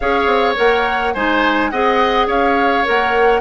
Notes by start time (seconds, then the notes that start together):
0.00 C#4 G#4 C#5 F5
0.26 C4
0.55 A#3 A#4 F#5
1.13 G#3 D#4 C5 G#5
1.70 C4 G#4 D#5 F#5
2.27 C#4 C#5 F5
2.84 A#3 A#4 F#5